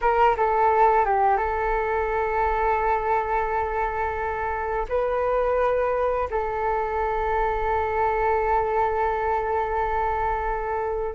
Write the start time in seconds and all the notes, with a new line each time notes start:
0.01 A#4
0.36 A4
1.05 G4
1.37 A4
4.88 B4
6.30 A4